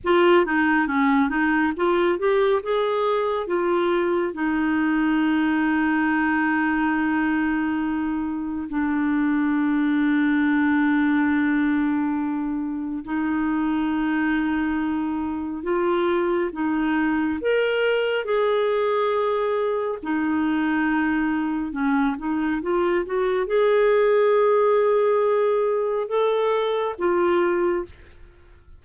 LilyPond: \new Staff \with { instrumentName = "clarinet" } { \time 4/4 \tempo 4 = 69 f'8 dis'8 cis'8 dis'8 f'8 g'8 gis'4 | f'4 dis'2.~ | dis'2 d'2~ | d'2. dis'4~ |
dis'2 f'4 dis'4 | ais'4 gis'2 dis'4~ | dis'4 cis'8 dis'8 f'8 fis'8 gis'4~ | gis'2 a'4 f'4 | }